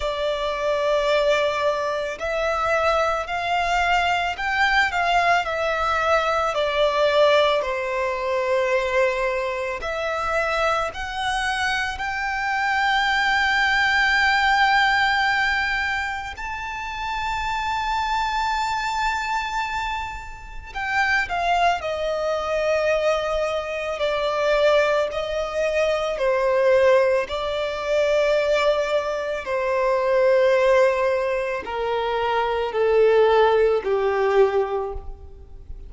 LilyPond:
\new Staff \with { instrumentName = "violin" } { \time 4/4 \tempo 4 = 55 d''2 e''4 f''4 | g''8 f''8 e''4 d''4 c''4~ | c''4 e''4 fis''4 g''4~ | g''2. a''4~ |
a''2. g''8 f''8 | dis''2 d''4 dis''4 | c''4 d''2 c''4~ | c''4 ais'4 a'4 g'4 | }